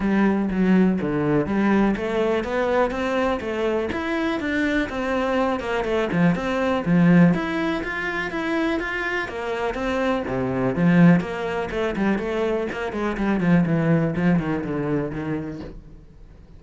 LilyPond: \new Staff \with { instrumentName = "cello" } { \time 4/4 \tempo 4 = 123 g4 fis4 d4 g4 | a4 b4 c'4 a4 | e'4 d'4 c'4. ais8 | a8 f8 c'4 f4 e'4 |
f'4 e'4 f'4 ais4 | c'4 c4 f4 ais4 | a8 g8 a4 ais8 gis8 g8 f8 | e4 f8 dis8 d4 dis4 | }